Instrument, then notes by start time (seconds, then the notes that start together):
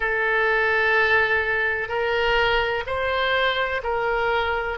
oboe
0.00 A4
1.88 A#4
2.86 C5
3.83 A#4